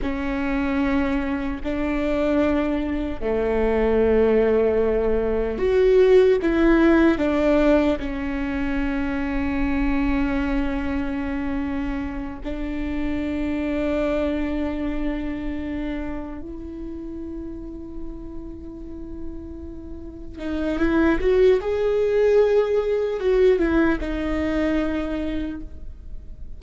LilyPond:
\new Staff \with { instrumentName = "viola" } { \time 4/4 \tempo 4 = 75 cis'2 d'2 | a2. fis'4 | e'4 d'4 cis'2~ | cis'2.~ cis'8 d'8~ |
d'1~ | d'8 e'2.~ e'8~ | e'4. dis'8 e'8 fis'8 gis'4~ | gis'4 fis'8 e'8 dis'2 | }